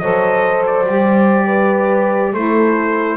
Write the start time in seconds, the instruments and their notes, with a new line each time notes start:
0.00 double bass F#3, saxophone A4, horn C5, trumpet D#5
0.67 trumpet D5
0.87 double bass G3, saxophone G4
1.47 horn B4
2.33 double bass A3, saxophone E4, horn A4, trumpet C5